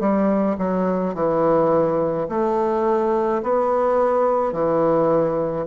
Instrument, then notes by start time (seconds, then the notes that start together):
bassoon
0.00 G3
0.58 F#3
1.15 E3
2.29 A3
3.43 B3
4.52 E3